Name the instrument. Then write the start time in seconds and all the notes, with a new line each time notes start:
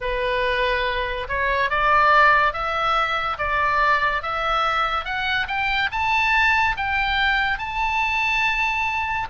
oboe
0.00 B4
1.28 C#5
1.69 D5
2.53 E5
3.38 D5
4.22 E5
5.04 F#5
5.47 G5
5.91 A5
6.76 G5
7.58 A5